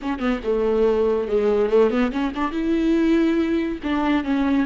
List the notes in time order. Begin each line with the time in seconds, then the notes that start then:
0.01 C#4
0.19 B3
0.43 A3
1.28 G#3
1.69 A3
1.90 B3
2.11 C#4
2.35 D4
2.51 E4
3.83 D4
4.23 C#4